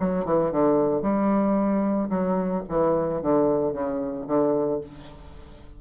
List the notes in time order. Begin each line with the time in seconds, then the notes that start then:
0.00 F#3
0.25 E3
0.51 D3
1.02 G3
2.10 F#3
2.69 E3
3.22 D3
3.73 C#3
4.27 D3